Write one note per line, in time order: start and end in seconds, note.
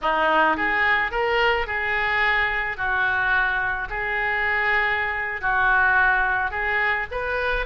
0.01 0.56 D#4
0.56 1.11 G#4
1.11 1.66 A#4
1.66 2.77 G#4
2.77 3.88 F#4
3.89 5.41 G#4
5.41 6.51 F#4
6.51 7.06 G#4
7.11 7.66 B4